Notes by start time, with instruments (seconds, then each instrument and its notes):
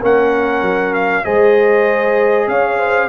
0.00 tuba A#3, trombone C#4, horn A#4, trumpet F#5
0.62 tuba F#3
0.94 trumpet F5
1.25 tuba G#3, trombone G#4, horn C5, trumpet D#5
2.48 tuba C#4, horn C#5, trumpet F5
2.79 horn C5